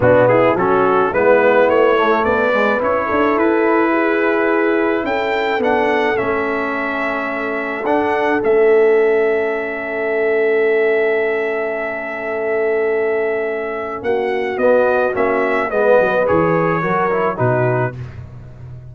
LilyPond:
<<
  \new Staff \with { instrumentName = "trumpet" } { \time 4/4 \tempo 4 = 107 fis'8 gis'8 a'4 b'4 cis''4 | d''4 cis''4 b'2~ | b'4 g''4 fis''4 e''4~ | e''2 fis''4 e''4~ |
e''1~ | e''1~ | e''4 fis''4 dis''4 e''4 | dis''4 cis''2 b'4 | }
  \new Staff \with { instrumentName = "horn" } { \time 4/4 d'8 e'8 fis'4 e'2 | b'4. a'4. gis'4~ | gis'4 a'2.~ | a'1~ |
a'1~ | a'1~ | a'4 fis'2. | b'2 ais'4 fis'4 | }
  \new Staff \with { instrumentName = "trombone" } { \time 4/4 b4 cis'4 b4. a8~ | a8 gis8 e'2.~ | e'2 d'4 cis'4~ | cis'2 d'4 cis'4~ |
cis'1~ | cis'1~ | cis'2 b4 cis'4 | b4 gis'4 fis'8 e'8 dis'4 | }
  \new Staff \with { instrumentName = "tuba" } { \time 4/4 b,4 fis4 gis4 a4 | b4 cis'8 d'8 e'2~ | e'4 cis'4 b4 a4~ | a2 d'4 a4~ |
a1~ | a1~ | a4 ais4 b4 ais4 | gis8 fis8 e4 fis4 b,4 | }
>>